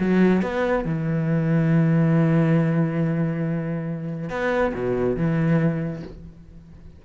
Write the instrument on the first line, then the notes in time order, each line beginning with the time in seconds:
cello
0.00 F#3
0.42 B3
0.85 E3
4.30 B3
4.74 B2
5.16 E3